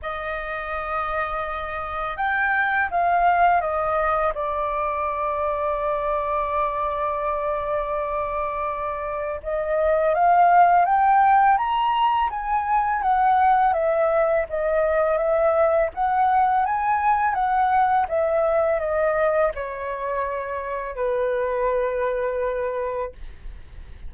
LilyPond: \new Staff \with { instrumentName = "flute" } { \time 4/4 \tempo 4 = 83 dis''2. g''4 | f''4 dis''4 d''2~ | d''1~ | d''4 dis''4 f''4 g''4 |
ais''4 gis''4 fis''4 e''4 | dis''4 e''4 fis''4 gis''4 | fis''4 e''4 dis''4 cis''4~ | cis''4 b'2. | }